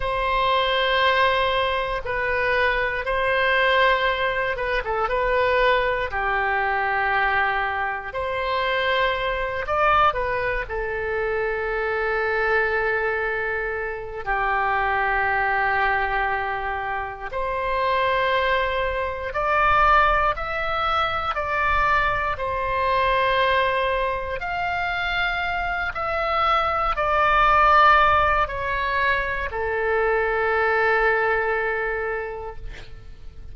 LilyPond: \new Staff \with { instrumentName = "oboe" } { \time 4/4 \tempo 4 = 59 c''2 b'4 c''4~ | c''8 b'16 a'16 b'4 g'2 | c''4. d''8 b'8 a'4.~ | a'2 g'2~ |
g'4 c''2 d''4 | e''4 d''4 c''2 | f''4. e''4 d''4. | cis''4 a'2. | }